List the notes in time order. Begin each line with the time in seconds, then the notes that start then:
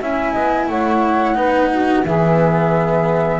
0.00 C#4 E4 E5 G#5
0.32 B3 D#5
0.68 A3 C#5 F#5
1.35 B3 D#4 B4
1.70 F#4
2.04 E3 B3 G#4 E5